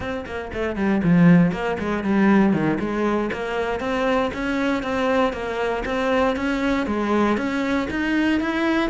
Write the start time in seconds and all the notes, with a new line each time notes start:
0.00 C4
0.25 A#3
0.53 A3
0.76 G3
1.03 F3
1.51 A#3
1.78 G#3
2.03 G3
2.53 D#3
2.79 G#3
3.32 A#3
3.80 C4
4.33 C#4
4.83 C4
5.33 A#3
5.85 C4
6.36 C#4
6.86 G#3
7.37 C#4
7.90 D#4
8.40 E4